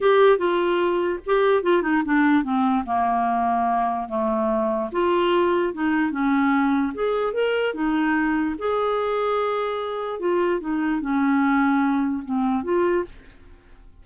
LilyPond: \new Staff \with { instrumentName = "clarinet" } { \time 4/4 \tempo 4 = 147 g'4 f'2 g'4 | f'8 dis'8 d'4 c'4 ais4~ | ais2 a2 | f'2 dis'4 cis'4~ |
cis'4 gis'4 ais'4 dis'4~ | dis'4 gis'2.~ | gis'4 f'4 dis'4 cis'4~ | cis'2 c'4 f'4 | }